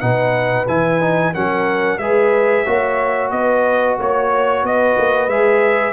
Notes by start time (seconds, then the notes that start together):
0.00 B2 D#4 B4 F#5
0.67 E3 E4 G#5
1.00 D#4
1.34 F#3 C#4 A#4 F#5
1.98 G#3 G#4 B4 E5
2.65 A#3 F#4 C#5
3.31 B3 B4 D#5
3.98 A#3 C#5
4.63 B3 B4 D#5
4.97 A#3
5.27 G#3 G#4 E5